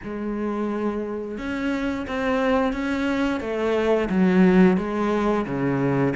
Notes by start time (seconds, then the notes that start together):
0.03 G#3
1.38 C#4
2.07 C4
2.72 C#4
3.40 A3
4.09 F#3
4.77 G#3
5.45 C#3